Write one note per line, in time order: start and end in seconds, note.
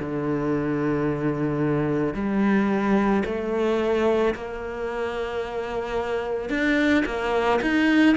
0.00 2.14 D3
2.14 3.23 G3
3.26 4.35 A3
4.35 6.50 A#3
6.50 7.05 D4
7.06 7.60 A#3
7.62 8.17 D#4